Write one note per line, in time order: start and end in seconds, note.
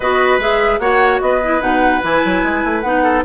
0.00 0.37 B3
0.00 0.40 F#4
0.00 0.79 B4
0.00 0.40 D#5
0.37 0.78 G#3
0.37 0.80 G#4
0.37 0.79 E5
0.79 1.19 A#3
0.79 1.41 F#4
0.79 1.21 C#5
0.79 1.19 F#5
1.20 1.60 B3
1.20 3.03 B4
1.20 1.61 D#5
1.43 1.61 E4
1.60 2.01 B2
1.60 2.01 D#4
1.60 2.01 F#5
2.02 2.23 E3
2.02 2.83 E4
2.02 2.80 G#5
2.24 2.43 F#3
2.43 2.63 G#3
2.63 2.83 A3
2.80 3.23 B3
2.80 3.25 D#4
2.80 3.21 F#5
3.03 3.23 A4